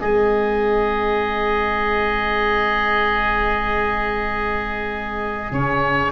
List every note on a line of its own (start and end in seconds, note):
0.00 5.51 G#3
0.00 5.51 C4
0.00 6.12 G#4
0.00 5.52 D#5
5.51 6.12 C#3
5.51 6.12 C#4
5.51 6.12 C#5